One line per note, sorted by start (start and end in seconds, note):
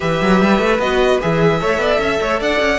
0.00 0.21 E3
0.00 0.80 G4
0.00 1.60 B4
0.00 0.80 E5
0.21 0.41 F#3
0.41 0.58 G3
0.58 0.79 A3
0.79 1.19 B3
0.79 1.21 F#4
0.79 1.20 D#5
1.21 1.62 E3
1.21 1.60 G#4
1.21 2.42 E5
1.60 1.77 A3
1.60 2.79 A4
1.60 1.80 C#5
1.77 1.97 B3
1.77 2.00 D5
1.99 2.19 C#4
1.99 2.21 E5
2.21 2.40 A3
2.21 2.39 C#5
2.39 2.59 D4
2.39 2.79 D5
2.39 2.79 F#5
2.59 2.79 C#4